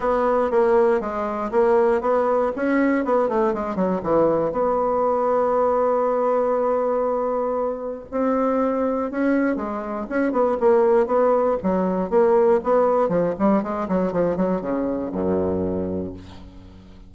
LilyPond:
\new Staff \with { instrumentName = "bassoon" } { \time 4/4 \tempo 4 = 119 b4 ais4 gis4 ais4 | b4 cis'4 b8 a8 gis8 fis8 | e4 b2.~ | b1 |
c'2 cis'4 gis4 | cis'8 b8 ais4 b4 fis4 | ais4 b4 f8 g8 gis8 fis8 | f8 fis8 cis4 fis,2 | }